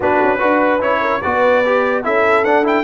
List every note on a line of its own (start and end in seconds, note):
0.00 0.20 B3
0.00 0.38 D4
0.00 0.38 F#4
0.00 0.81 B4
0.23 0.41 C#4
0.38 0.81 D4
0.38 0.79 F#4
0.38 0.99 B4
0.81 1.22 C#4
0.81 1.21 E4
0.81 1.21 C#5
1.00 1.21 A#4
1.21 2.05 B3
1.21 1.64 F#4
1.21 2.04 B4
1.21 2.03 D5
1.65 2.03 G4
2.03 2.44 C#4
2.03 2.44 E4
2.03 2.83 A4
2.03 2.44 E5
2.44 2.83 D4
2.44 2.63 D4
2.44 2.64 F#5
2.63 2.83 E4
2.63 2.83 G5